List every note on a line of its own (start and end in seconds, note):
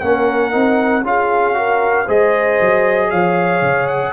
0.00 0.54 A#3
0.00 0.51 C#4
0.00 1.04 A#4
0.00 1.03 F#5
0.51 1.03 C4
0.51 1.03 D#4
1.03 2.06 C#4
1.03 1.54 F4
1.03 1.58 G#4
1.03 2.09 F5
1.54 2.06 F#4
1.54 2.05 A#4
2.05 2.60 G#3
2.05 4.13 G#4
2.05 3.09 C5
2.05 3.11 D#5
2.61 3.12 F#3
3.10 3.61 F3
3.10 4.13 C#5
3.10 3.87 F5
3.61 4.13 C#3
3.87 4.13 F#5